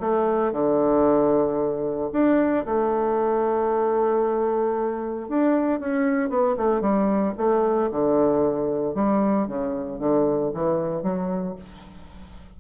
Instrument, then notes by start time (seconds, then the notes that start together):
bassoon
0.00 A3
0.52 D3
2.13 D4
2.66 A3
5.29 D4
5.80 C#4
6.29 B3
6.57 A3
6.81 G3
7.37 A3
7.91 D3
8.95 G3
9.47 C#3
9.99 D3
10.54 E3
11.03 F#3